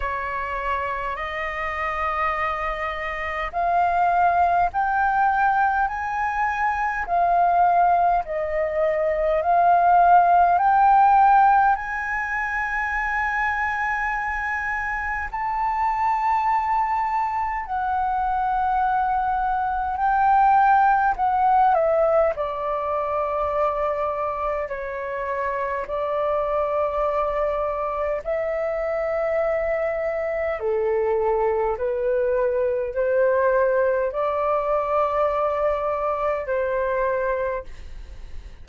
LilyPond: \new Staff \with { instrumentName = "flute" } { \time 4/4 \tempo 4 = 51 cis''4 dis''2 f''4 | g''4 gis''4 f''4 dis''4 | f''4 g''4 gis''2~ | gis''4 a''2 fis''4~ |
fis''4 g''4 fis''8 e''8 d''4~ | d''4 cis''4 d''2 | e''2 a'4 b'4 | c''4 d''2 c''4 | }